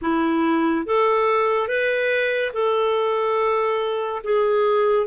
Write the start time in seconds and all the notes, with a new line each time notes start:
0.01 E4
0.86 A4
1.67 B4
2.53 A4
4.23 G#4